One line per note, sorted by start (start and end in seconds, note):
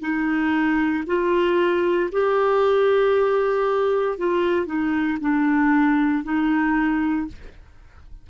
0.00 1.03 D#4
1.06 2.10 F4
2.12 4.17 G4
4.17 4.66 F4
4.66 5.17 D#4
5.20 6.24 D4
6.24 7.27 D#4